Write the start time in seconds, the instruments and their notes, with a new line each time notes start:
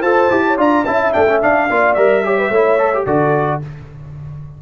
0.00 tuba F4, trombone A4, horn C5, trumpet A5
0.30 tuba E4, trombone G4
0.47 horn C#5
0.57 tuba D4, trombone F4, horn D5, trumpet A#5
0.85 tuba C#4, trombone E4, horn E5, trumpet A5
1.12 tuba A3, trombone D4, trumpet G5
1.28 trombone C#4
1.42 trombone D4, tuba D4, trumpet F5
1.69 tuba A#3, trombone F4, horn D5
1.94 tuba G3, trombone A#4, trumpet E5
2.24 trombone G4, horn C#5
2.38 horn B4
2.49 tuba A3, trombone E4, horn C#5
2.79 trombone A4
2.94 trombone G4
3.05 tuba D3, trombone F#4, horn A4, trumpet D5